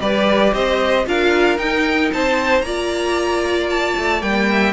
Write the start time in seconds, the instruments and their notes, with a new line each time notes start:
0.00 cello G3, viola G4, violin B4 D5
0.54 cello C4, violin C5 D#5
1.06 cello D4, viola F4, violin A#4 F5
1.57 viola D#4, cello D#4, violin G5
2.14 cello C4, violin C5 A5
2.62 cello A#3, viola F4, violin D5 A#5
3.71 violin A5
3.97 cello A3
4.22 cello G3, viola A#3, violin G5
4.51 violin E5